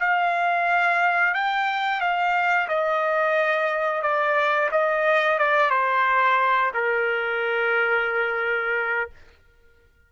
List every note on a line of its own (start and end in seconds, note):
0.00 1.34 F5
1.34 2.01 G5
2.01 2.68 F5
2.68 4.02 D#5
4.02 4.70 D5
4.72 5.39 D#5
5.39 5.71 D5
5.71 6.72 C5
6.74 9.10 A#4